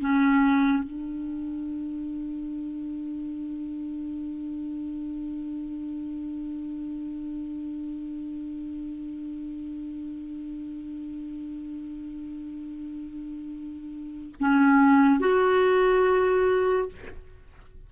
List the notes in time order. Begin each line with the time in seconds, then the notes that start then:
0.00 C#4
0.83 D4
14.40 C#4
15.20 F#4